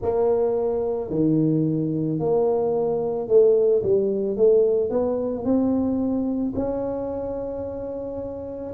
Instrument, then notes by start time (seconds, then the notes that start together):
tuba
0.01 A#3
1.10 D#3
2.19 A#3
3.27 A3
3.82 G3
4.36 A3
4.90 B3
5.44 C4
6.55 C#4